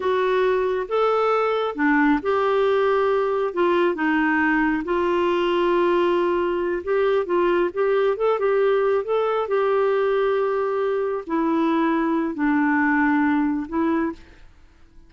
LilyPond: \new Staff \with { instrumentName = "clarinet" } { \time 4/4 \tempo 4 = 136 fis'2 a'2 | d'4 g'2. | f'4 dis'2 f'4~ | f'2.~ f'8 g'8~ |
g'8 f'4 g'4 a'8 g'4~ | g'8 a'4 g'2~ g'8~ | g'4. e'2~ e'8 | d'2. e'4 | }